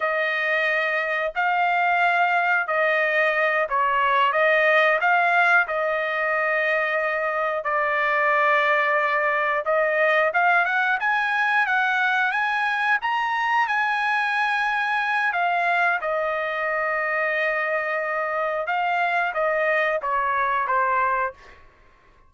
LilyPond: \new Staff \with { instrumentName = "trumpet" } { \time 4/4 \tempo 4 = 90 dis''2 f''2 | dis''4. cis''4 dis''4 f''8~ | f''8 dis''2. d''8~ | d''2~ d''8 dis''4 f''8 |
fis''8 gis''4 fis''4 gis''4 ais''8~ | ais''8 gis''2~ gis''8 f''4 | dis''1 | f''4 dis''4 cis''4 c''4 | }